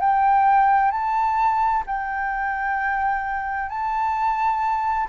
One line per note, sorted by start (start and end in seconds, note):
0.00 0.91 G5
0.91 1.83 A5
1.86 3.69 G5
3.69 5.07 A5